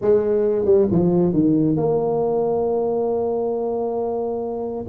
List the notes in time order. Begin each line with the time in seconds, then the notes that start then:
0.01 G#3
0.65 G3
0.91 F3
1.33 D#3
1.76 A#3